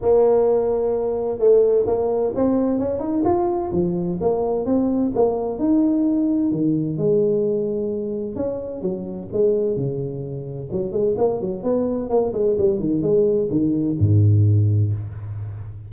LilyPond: \new Staff \with { instrumentName = "tuba" } { \time 4/4 \tempo 4 = 129 ais2. a4 | ais4 c'4 cis'8 dis'8 f'4 | f4 ais4 c'4 ais4 | dis'2 dis4 gis4~ |
gis2 cis'4 fis4 | gis4 cis2 fis8 gis8 | ais8 fis8 b4 ais8 gis8 g8 dis8 | gis4 dis4 gis,2 | }